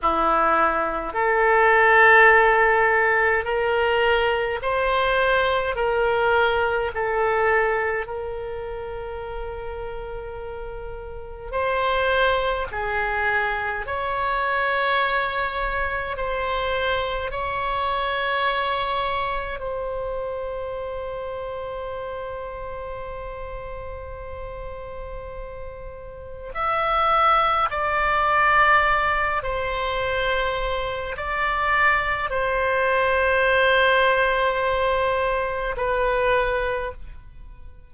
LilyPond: \new Staff \with { instrumentName = "oboe" } { \time 4/4 \tempo 4 = 52 e'4 a'2 ais'4 | c''4 ais'4 a'4 ais'4~ | ais'2 c''4 gis'4 | cis''2 c''4 cis''4~ |
cis''4 c''2.~ | c''2. e''4 | d''4. c''4. d''4 | c''2. b'4 | }